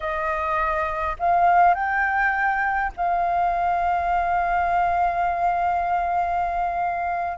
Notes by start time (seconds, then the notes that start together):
0.00 D#5
1.19 F5
1.74 G5
2.96 F5